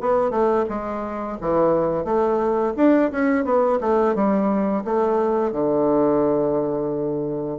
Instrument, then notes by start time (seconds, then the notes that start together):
bassoon
0.00 B3
0.30 A3
0.69 G#3
1.41 E3
2.04 A3
2.76 D4
3.11 C#4
3.45 B3
3.80 A3
4.15 G3
4.84 A3
5.52 D3